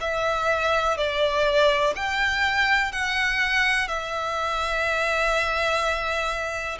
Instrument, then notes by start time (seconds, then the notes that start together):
violin
0.00 E5
0.97 D5
1.95 G5
2.92 F#5
3.88 E5